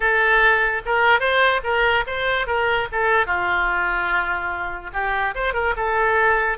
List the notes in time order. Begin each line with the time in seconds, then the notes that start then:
0.00 A4
0.85 A#4
1.19 C5
1.63 A#4
2.06 C5
2.46 A#4
2.92 A4
3.26 F4
4.93 G4
5.34 C5
5.53 A#4
5.76 A4